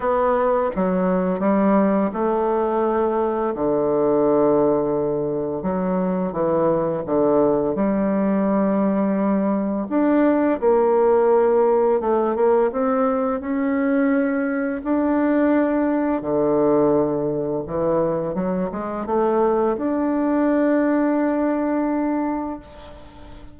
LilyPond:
\new Staff \with { instrumentName = "bassoon" } { \time 4/4 \tempo 4 = 85 b4 fis4 g4 a4~ | a4 d2. | fis4 e4 d4 g4~ | g2 d'4 ais4~ |
ais4 a8 ais8 c'4 cis'4~ | cis'4 d'2 d4~ | d4 e4 fis8 gis8 a4 | d'1 | }